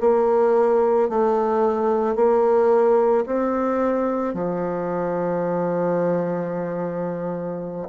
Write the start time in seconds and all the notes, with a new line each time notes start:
0.00 A#3
1.09 A3
2.15 A#3
3.25 C4
4.33 F3